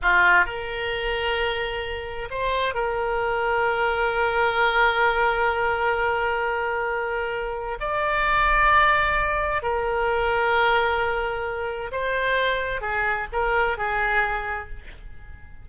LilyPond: \new Staff \with { instrumentName = "oboe" } { \time 4/4 \tempo 4 = 131 f'4 ais'2.~ | ais'4 c''4 ais'2~ | ais'1~ | ais'1~ |
ais'4 d''2.~ | d''4 ais'2.~ | ais'2 c''2 | gis'4 ais'4 gis'2 | }